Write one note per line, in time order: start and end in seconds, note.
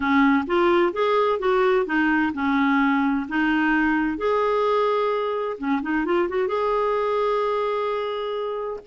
0.00 0.45 C#4
0.46 0.93 F4
0.93 1.39 G#4
1.39 1.85 F#4
1.86 2.32 D#4
2.33 3.26 C#4
3.28 4.17 D#4
4.17 5.57 G#4
5.58 5.81 C#4
5.82 6.05 D#4
6.05 6.28 F4
6.29 6.47 F#4
6.47 8.80 G#4